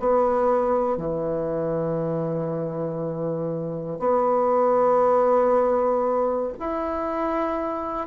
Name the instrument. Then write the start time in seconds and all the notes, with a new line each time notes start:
bassoon
0.00 B3
0.98 E3
4.00 B3
6.60 E4